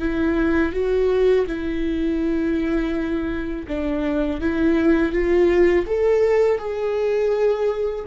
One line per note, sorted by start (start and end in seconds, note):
0.00 0.73 E4
0.73 1.46 F#4
1.47 3.67 E4
3.68 4.41 D4
4.41 5.13 E4
5.13 5.86 F4
5.87 6.59 A4
6.59 8.05 G#4